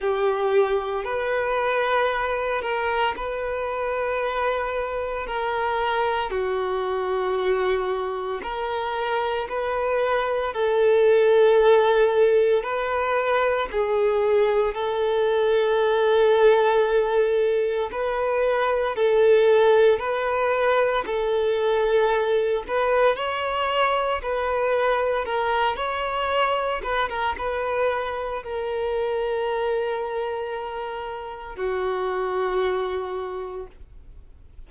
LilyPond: \new Staff \with { instrumentName = "violin" } { \time 4/4 \tempo 4 = 57 g'4 b'4. ais'8 b'4~ | b'4 ais'4 fis'2 | ais'4 b'4 a'2 | b'4 gis'4 a'2~ |
a'4 b'4 a'4 b'4 | a'4. b'8 cis''4 b'4 | ais'8 cis''4 b'16 ais'16 b'4 ais'4~ | ais'2 fis'2 | }